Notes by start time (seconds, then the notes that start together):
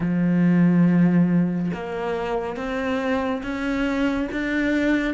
0.00 F3
1.73 A#3
2.56 C4
3.42 C#4
4.32 D4